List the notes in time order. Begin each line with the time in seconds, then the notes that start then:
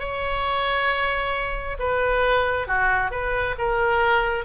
0.00 C#5
1.80 B4
2.68 F#4
3.12 B4
3.59 A#4